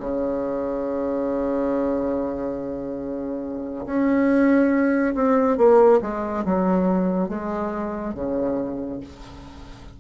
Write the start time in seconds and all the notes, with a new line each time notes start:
0.00 C#3
3.86 C#4
5.15 C4
5.58 A#3
6.02 G#3
6.45 F#3
7.29 G#3
8.15 C#3